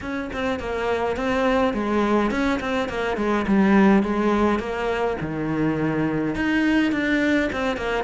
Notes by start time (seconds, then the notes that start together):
0.01 C#4
0.33 C4
0.59 A#3
1.16 C4
1.73 G#3
2.31 C#4
2.60 C4
2.88 A#3
3.16 G#3
3.47 G3
4.02 G#3
4.59 A#3
5.21 D#3
6.35 D#4
6.92 D4
7.52 C4
7.76 A#3